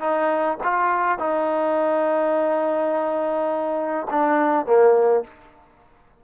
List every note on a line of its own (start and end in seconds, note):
0.00 0.58 D#4
0.63 1.18 F4
1.18 4.07 D#4
4.10 4.66 D4
4.66 5.24 A#3